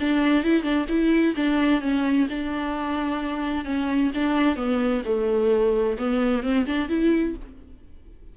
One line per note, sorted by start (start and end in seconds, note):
0.00 0.44 D4
0.44 0.63 E4
0.63 0.86 D4
0.89 1.35 E4
1.36 1.81 D4
1.81 2.27 C#4
2.30 3.65 D4
3.65 4.11 C#4
4.15 4.56 D4
4.56 5.02 B3
5.05 5.98 A3
5.98 6.43 B3
6.43 6.66 C4
6.67 6.89 D4
6.89 7.35 E4